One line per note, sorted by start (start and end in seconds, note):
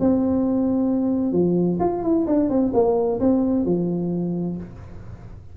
0.00 1.33 C4
1.33 1.78 F3
1.80 2.03 F4
2.03 2.26 E4
2.27 2.50 D4
2.50 2.73 C4
2.74 3.20 A#3
3.20 3.65 C4
3.65 4.57 F3